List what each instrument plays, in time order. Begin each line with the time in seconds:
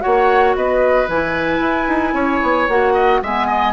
0.00 bassoon A#3, clarinet F#4, oboe C#5, flute F#5
0.55 bassoon B3, oboe B4, flute D#5
1.07 bassoon E3, clarinet E4, flute G#5
1.60 bassoon E4
1.88 bassoon D#4
2.13 bassoon C#4, oboe C#5
2.42 bassoon B3
2.68 bassoon A#3, clarinet F#4, flute F#5
2.93 oboe D#5
3.22 bassoon G#3, clarinet B3, oboe E5, flute G#5
3.47 oboe D#5